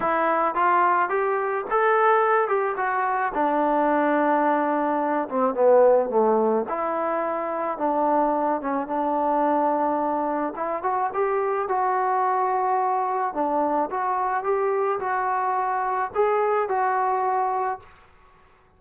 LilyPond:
\new Staff \with { instrumentName = "trombone" } { \time 4/4 \tempo 4 = 108 e'4 f'4 g'4 a'4~ | a'8 g'8 fis'4 d'2~ | d'4. c'8 b4 a4 | e'2 d'4. cis'8 |
d'2. e'8 fis'8 | g'4 fis'2. | d'4 fis'4 g'4 fis'4~ | fis'4 gis'4 fis'2 | }